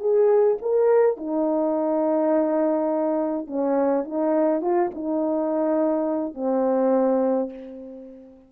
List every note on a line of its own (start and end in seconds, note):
0.00 0.58 G#4
0.62 1.17 A#4
1.17 3.47 D#4
3.47 4.05 C#4
4.05 4.62 D#4
4.62 4.91 F4
4.95 6.35 D#4
6.35 7.50 C4